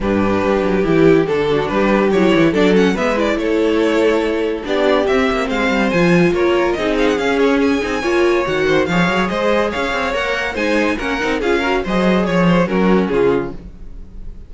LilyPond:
<<
  \new Staff \with { instrumentName = "violin" } { \time 4/4 \tempo 4 = 142 b'2 g'4 a'4 | b'4 cis''4 d''8 fis''8 e''8 d''8 | cis''2. d''4 | e''4 f''4 gis''4 cis''4 |
dis''8 f''16 fis''16 f''8 cis''8 gis''2 | fis''4 f''4 dis''4 f''4 | fis''4 gis''4 fis''4 f''4 | dis''4 cis''8 c''8 ais'4 gis'4 | }
  \new Staff \with { instrumentName = "violin" } { \time 4/4 g'2.~ g'8 fis'8 | g'2 a'4 b'4 | a'2. g'4~ | g'4 c''2 ais'4 |
gis'2. cis''4~ | cis''8 c''8 cis''4 c''4 cis''4~ | cis''4 c''4 ais'4 gis'8 ais'8 | c''4 cis''4 fis'4 f'4 | }
  \new Staff \with { instrumentName = "viola" } { \time 4/4 d'2 e'4 d'4~ | d'4 e'4 d'8 cis'8 b8 e'8~ | e'2. d'4 | c'2 f'2 |
dis'4 cis'4. dis'8 f'4 | fis'4 gis'2. | ais'4 dis'4 cis'8 dis'8 f'8 fis'8 | gis'2 cis'2 | }
  \new Staff \with { instrumentName = "cello" } { \time 4/4 g,4 g8 fis8 e4 d4 | g4 fis8 e8 fis4 gis4 | a2. b4 | c'8 ais8 gis8 g8 f4 ais4 |
c'4 cis'4. c'8 ais4 | dis4 f8 fis8 gis4 cis'8 c'8 | ais4 gis4 ais8 c'8 cis'4 | fis4 f4 fis4 cis4 | }
>>